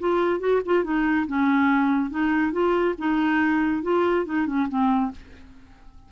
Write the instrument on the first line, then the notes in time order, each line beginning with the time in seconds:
clarinet
0.00 F4
0.40 F#4
0.66 F4
0.84 D#4
1.27 C#4
2.10 D#4
2.53 F4
2.98 D#4
3.83 F4
4.26 D#4
4.47 C#4
4.69 C4